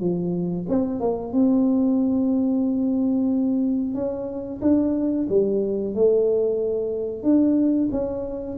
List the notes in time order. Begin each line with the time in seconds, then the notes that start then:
0.00 F3
0.69 C4
1.00 A#3
1.32 C4
3.94 C#4
4.61 D4
5.29 G3
5.94 A3
7.23 D4
7.91 C#4